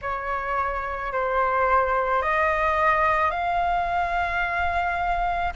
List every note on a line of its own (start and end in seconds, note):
0.01 1.12 C#5
1.12 2.22 C5
2.22 3.30 D#5
3.30 5.53 F5